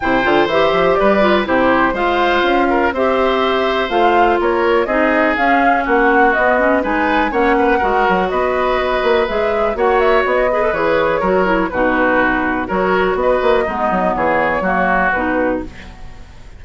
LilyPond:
<<
  \new Staff \with { instrumentName = "flute" } { \time 4/4 \tempo 4 = 123 g''4 e''4 d''4 c''4 | f''2 e''2 | f''4 cis''4 dis''4 f''4 | fis''4 dis''4 gis''4 fis''4~ |
fis''4 dis''2 e''4 | fis''8 e''8 dis''4 cis''2 | b'2 cis''4 dis''4~ | dis''4 cis''2 b'4 | }
  \new Staff \with { instrumentName = "oboe" } { \time 4/4 c''2 b'4 g'4 | c''4. ais'8 c''2~ | c''4 ais'4 gis'2 | fis'2 b'4 cis''8 b'8 |
ais'4 b'2. | cis''4. b'4. ais'4 | fis'2 ais'4 b'4 | dis'4 gis'4 fis'2 | }
  \new Staff \with { instrumentName = "clarinet" } { \time 4/4 e'8 f'8 g'4. f'8 e'4 | f'2 g'2 | f'2 dis'4 cis'4~ | cis'4 b8 cis'8 dis'4 cis'4 |
fis'2. gis'4 | fis'4. gis'16 a'16 gis'4 fis'8 e'8 | dis'2 fis'2 | b2 ais4 dis'4 | }
  \new Staff \with { instrumentName = "bassoon" } { \time 4/4 c8 d8 e8 f8 g4 c4 | gis4 cis'4 c'2 | a4 ais4 c'4 cis'4 | ais4 b4 gis4 ais4 |
gis8 fis8 b4. ais8 gis4 | ais4 b4 e4 fis4 | b,2 fis4 b8 ais8 | gis8 fis8 e4 fis4 b,4 | }
>>